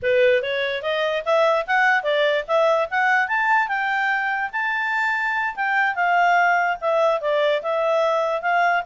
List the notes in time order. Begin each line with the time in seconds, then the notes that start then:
0.02 B4
0.42 C#5
0.82 D#5
1.25 E5
1.66 F#5
2.03 D5
2.47 E5
2.90 F#5
3.27 A5
3.67 G5
4.52 A5
5.55 G5
5.95 F5
6.80 E5
7.20 D5
7.62 E5
8.41 F5